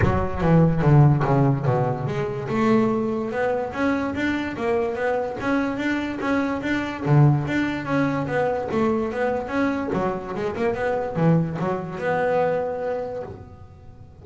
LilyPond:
\new Staff \with { instrumentName = "double bass" } { \time 4/4 \tempo 4 = 145 fis4 e4 d4 cis4 | b,4 gis4 a2 | b4 cis'4 d'4 ais4 | b4 cis'4 d'4 cis'4 |
d'4 d4 d'4 cis'4 | b4 a4 b4 cis'4 | fis4 gis8 ais8 b4 e4 | fis4 b2. | }